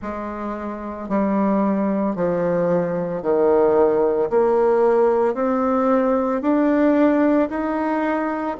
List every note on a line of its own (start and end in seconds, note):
0.01 1.09 G#3
1.09 2.15 G3
2.15 3.22 F3
3.22 4.29 D#3
4.30 5.34 A#3
5.34 6.41 C4
6.41 7.48 D4
7.49 8.56 D#4